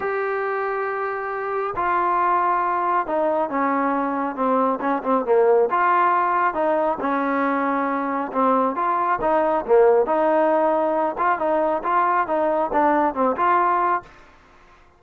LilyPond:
\new Staff \with { instrumentName = "trombone" } { \time 4/4 \tempo 4 = 137 g'1 | f'2. dis'4 | cis'2 c'4 cis'8 c'8 | ais4 f'2 dis'4 |
cis'2. c'4 | f'4 dis'4 ais4 dis'4~ | dis'4. f'8 dis'4 f'4 | dis'4 d'4 c'8 f'4. | }